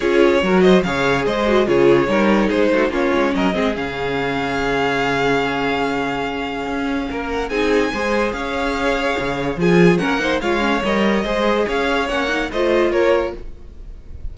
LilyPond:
<<
  \new Staff \with { instrumentName = "violin" } { \time 4/4 \tempo 4 = 144 cis''4. dis''8 f''4 dis''4 | cis''2 c''4 cis''4 | dis''4 f''2.~ | f''1~ |
f''4. fis''8 gis''2 | f''2. gis''4 | fis''4 f''4 dis''2 | f''4 fis''4 dis''4 cis''4 | }
  \new Staff \with { instrumentName = "violin" } { \time 4/4 gis'4 ais'8 c''8 cis''4 c''4 | gis'4 ais'4 gis'8 fis'8 f'4 | ais'8 gis'2.~ gis'8~ | gis'1~ |
gis'4 ais'4 gis'4 c''4 | cis''2. gis'4 | ais'8 c''8 cis''2 c''4 | cis''2 c''4 ais'4 | }
  \new Staff \with { instrumentName = "viola" } { \time 4/4 f'4 fis'4 gis'4. fis'8 | f'4 dis'2 cis'4~ | cis'8 c'8 cis'2.~ | cis'1~ |
cis'2 dis'4 gis'4~ | gis'2. f'4 | cis'8 dis'8 f'8 cis'8 ais'4 gis'4~ | gis'4 cis'8 dis'8 f'2 | }
  \new Staff \with { instrumentName = "cello" } { \time 4/4 cis'4 fis4 cis4 gis4 | cis4 g4 gis8 a8 ais8 gis8 | fis8 gis8 cis2.~ | cis1 |
cis'4 ais4 c'4 gis4 | cis'2 cis4 f4 | ais4 gis4 g4 gis4 | cis'4 ais4 a4 ais4 | }
>>